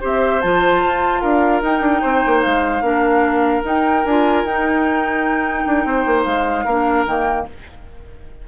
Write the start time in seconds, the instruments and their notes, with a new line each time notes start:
0.00 bassoon C4, clarinet G4, oboe C5, flute E5
0.41 bassoon F3, clarinet F4, flute A5
0.85 bassoon F4
1.20 bassoon D4, oboe A#4, flute F5
1.61 bassoon D#4, clarinet D#4, flute G5
1.80 bassoon D4
2.01 bassoon C4, oboe C5
2.26 bassoon A#3
2.41 bassoon G#3, flute F5
2.81 bassoon A#3, clarinet D4, oboe A#4
3.63 clarinet D#4, bassoon D#4, flute G5
4.05 bassoon D4, clarinet F4, flute G#5
4.44 bassoon D#4, clarinet D#4, flute G5
5.66 bassoon D4
5.84 bassoon C4, oboe C5
6.05 bassoon A#3
6.24 bassoon G#3, flute F5
6.64 bassoon A#3, clarinet D4, oboe A#4
7.05 bassoon D#3, clarinet A#3, flute G5